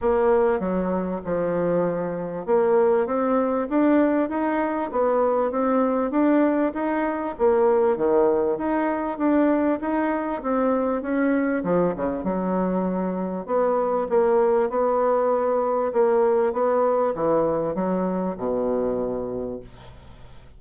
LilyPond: \new Staff \with { instrumentName = "bassoon" } { \time 4/4 \tempo 4 = 98 ais4 fis4 f2 | ais4 c'4 d'4 dis'4 | b4 c'4 d'4 dis'4 | ais4 dis4 dis'4 d'4 |
dis'4 c'4 cis'4 f8 cis8 | fis2 b4 ais4 | b2 ais4 b4 | e4 fis4 b,2 | }